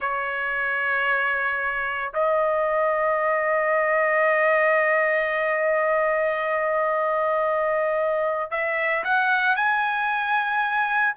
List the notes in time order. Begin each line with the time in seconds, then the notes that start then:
0.00 C#5
2.13 D#5
8.50 E5
9.04 F#5
9.56 G#5